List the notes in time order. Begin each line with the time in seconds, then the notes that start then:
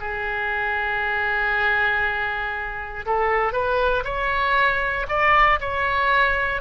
0.00 G#4
3.06 A4
3.52 B4
4.04 C#5
5.08 D5
5.60 C#5